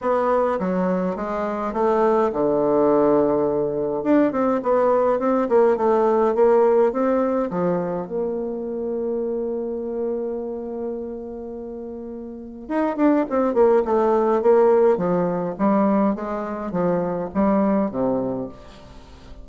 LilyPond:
\new Staff \with { instrumentName = "bassoon" } { \time 4/4 \tempo 4 = 104 b4 fis4 gis4 a4 | d2. d'8 c'8 | b4 c'8 ais8 a4 ais4 | c'4 f4 ais2~ |
ais1~ | ais2 dis'8 d'8 c'8 ais8 | a4 ais4 f4 g4 | gis4 f4 g4 c4 | }